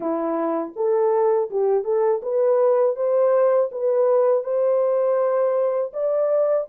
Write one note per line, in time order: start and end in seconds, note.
0.00 0.73 E4
0.75 1.49 A4
1.50 1.84 G4
1.84 2.21 A4
2.22 2.96 B4
2.96 3.70 C5
3.71 4.43 B4
4.43 5.91 C5
5.93 6.67 D5